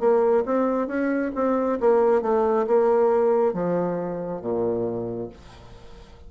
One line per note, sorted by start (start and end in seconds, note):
0.00 0.44 A#3
0.46 0.87 C4
0.87 1.32 C#4
1.35 1.79 C4
1.80 2.22 A#3
2.22 2.66 A3
2.67 3.54 A#3
3.54 4.41 F3
4.41 5.29 A#2